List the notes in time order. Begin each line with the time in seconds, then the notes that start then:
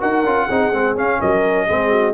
0.00 D#4 F#4 A#4 F#5
0.23 C#4 F4
0.47 C4 D#4 G#4
0.72 G#3 C4
0.95 C#4 F5
1.21 F#3 A#4 D#5
1.67 G#3 C4 G#4
1.91 F#4